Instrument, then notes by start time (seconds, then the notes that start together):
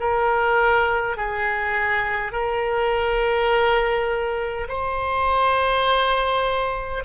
oboe
0.00 A#4
1.17 G#4
2.32 A#4
4.68 C5